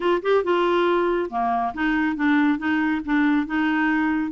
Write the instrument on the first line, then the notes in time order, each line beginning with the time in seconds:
clarinet
0.00 F4
0.22 G4
0.44 F4
1.30 A#3
1.74 D#4
2.16 D4
2.58 D#4
3.05 D4
3.46 D#4